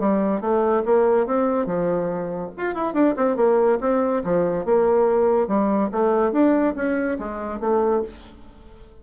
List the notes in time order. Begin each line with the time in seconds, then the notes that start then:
0.00 G3
0.41 A3
0.86 A#3
1.27 C4
1.67 F3
2.58 F4
2.75 E4
2.94 D4
3.17 C4
3.37 A#3
3.81 C4
4.24 F3
4.66 A#3
5.48 G3
5.92 A3
6.33 D4
6.76 C#4
7.19 G#3
7.61 A3